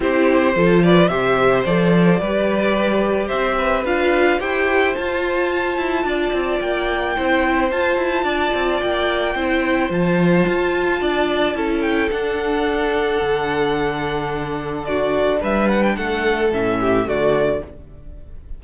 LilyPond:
<<
  \new Staff \with { instrumentName = "violin" } { \time 4/4 \tempo 4 = 109 c''4. d''8 e''4 d''4~ | d''2 e''4 f''4 | g''4 a''2. | g''2 a''2 |
g''2 a''2~ | a''4. g''8 fis''2~ | fis''2. d''4 | e''8 fis''16 g''16 fis''4 e''4 d''4 | }
  \new Staff \with { instrumentName = "violin" } { \time 4/4 g'4 a'8 b'8 c''2 | b'2 c''8 b'4. | c''2. d''4~ | d''4 c''2 d''4~ |
d''4 c''2. | d''4 a'2.~ | a'2. fis'4 | b'4 a'4. g'8 fis'4 | }
  \new Staff \with { instrumentName = "viola" } { \time 4/4 e'4 f'4 g'4 a'4 | g'2. f'4 | g'4 f'2.~ | f'4 e'4 f'2~ |
f'4 e'4 f'2~ | f'4 e'4 d'2~ | d'1~ | d'2 cis'4 a4 | }
  \new Staff \with { instrumentName = "cello" } { \time 4/4 c'4 f4 c4 f4 | g2 c'4 d'4 | e'4 f'4. e'8 d'8 c'8 | ais4 c'4 f'8 e'8 d'8 c'8 |
ais4 c'4 f4 f'4 | d'4 cis'4 d'2 | d1 | g4 a4 a,4 d4 | }
>>